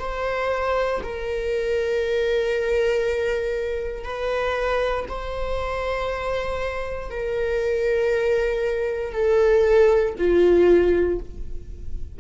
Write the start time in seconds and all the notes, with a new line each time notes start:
0.00 C5
1.03 A#4
4.04 B4
5.09 C5
7.11 A#4
9.13 A4
10.18 F4